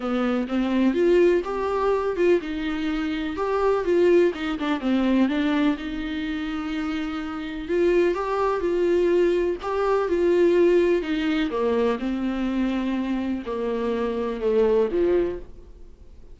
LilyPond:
\new Staff \with { instrumentName = "viola" } { \time 4/4 \tempo 4 = 125 b4 c'4 f'4 g'4~ | g'8 f'8 dis'2 g'4 | f'4 dis'8 d'8 c'4 d'4 | dis'1 |
f'4 g'4 f'2 | g'4 f'2 dis'4 | ais4 c'2. | ais2 a4 f4 | }